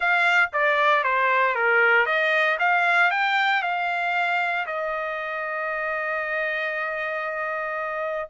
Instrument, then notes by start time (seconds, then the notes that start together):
trumpet
0.00 F5
0.52 D5
1.03 C5
1.55 A#4
2.05 D#5
2.59 F5
3.11 G5
3.62 F5
4.66 D#5